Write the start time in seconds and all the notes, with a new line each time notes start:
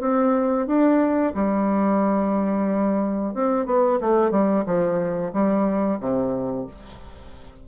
0.00 C4
0.67 D4
1.35 G3
3.34 C4
3.66 B3
4.00 A3
4.31 G3
4.66 F3
5.33 G3
6.00 C3